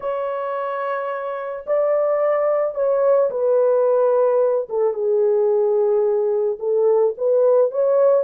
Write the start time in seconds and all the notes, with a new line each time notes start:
0.00 C#5
1.66 D5
2.74 C#5
3.30 B4
4.69 A4
4.93 G#4
6.59 A4
7.17 B4
7.71 C#5